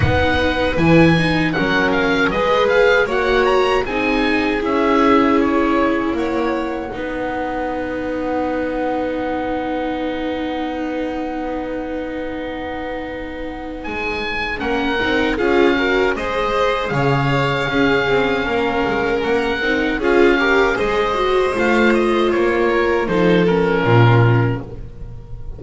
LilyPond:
<<
  \new Staff \with { instrumentName = "oboe" } { \time 4/4 \tempo 4 = 78 fis''4 gis''4 fis''8 f''8 dis''8 f''8 | fis''8 ais''8 gis''4 e''4 cis''4 | fis''1~ | fis''1~ |
fis''2 gis''4 fis''4 | f''4 dis''4 f''2~ | f''4 fis''4 f''4 dis''4 | f''8 dis''8 cis''4 c''8 ais'4. | }
  \new Staff \with { instrumentName = "violin" } { \time 4/4 b'2 ais'4 b'4 | cis''4 gis'2. | cis''4 b'2.~ | b'1~ |
b'2. ais'4 | gis'8 ais'8 c''4 cis''4 gis'4 | ais'2 gis'8 ais'8 c''4~ | c''4. ais'8 a'4 f'4 | }
  \new Staff \with { instrumentName = "viola" } { \time 4/4 dis'4 e'8 dis'8 cis'4 gis'4 | fis'4 dis'4 e'2~ | e'4 dis'2.~ | dis'1~ |
dis'2. cis'8 dis'8 | f'8 fis'8 gis'2 cis'4~ | cis'4. dis'8 f'8 g'8 gis'8 fis'8 | f'2 dis'8 cis'4. | }
  \new Staff \with { instrumentName = "double bass" } { \time 4/4 b4 e4 fis4 gis4 | ais4 c'4 cis'2 | ais4 b2.~ | b1~ |
b2 gis4 ais8 c'8 | cis'4 gis4 cis4 cis'8 c'8 | ais8 gis8 ais8 c'8 cis'4 gis4 | a4 ais4 f4 ais,4 | }
>>